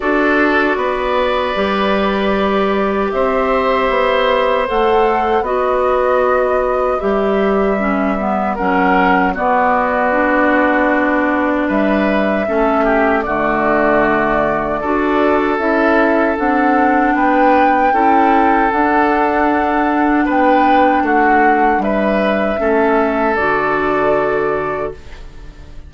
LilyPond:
<<
  \new Staff \with { instrumentName = "flute" } { \time 4/4 \tempo 4 = 77 d''1 | e''2 fis''4 dis''4~ | dis''4 e''2 fis''4 | d''2. e''4~ |
e''4 d''2. | e''4 fis''4 g''2 | fis''2 g''4 fis''4 | e''2 d''2 | }
  \new Staff \with { instrumentName = "oboe" } { \time 4/4 a'4 b'2. | c''2. b'4~ | b'2. ais'4 | fis'2. b'4 |
a'8 g'8 fis'2 a'4~ | a'2 b'4 a'4~ | a'2 b'4 fis'4 | b'4 a'2. | }
  \new Staff \with { instrumentName = "clarinet" } { \time 4/4 fis'2 g'2~ | g'2 a'4 fis'4~ | fis'4 g'4 cis'8 b8 cis'4 | b4 d'2. |
cis'4 a2 fis'4 | e'4 d'2 e'4 | d'1~ | d'4 cis'4 fis'2 | }
  \new Staff \with { instrumentName = "bassoon" } { \time 4/4 d'4 b4 g2 | c'4 b4 a4 b4~ | b4 g2 fis4 | b2. g4 |
a4 d2 d'4 | cis'4 c'4 b4 cis'4 | d'2 b4 a4 | g4 a4 d2 | }
>>